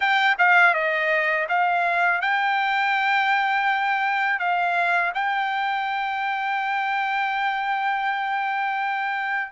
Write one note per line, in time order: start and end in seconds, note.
0.00 0.35 G5
0.38 0.74 F5
0.74 1.47 D#5
1.48 2.21 F5
2.21 4.39 G5
4.39 5.12 F5
5.14 9.51 G5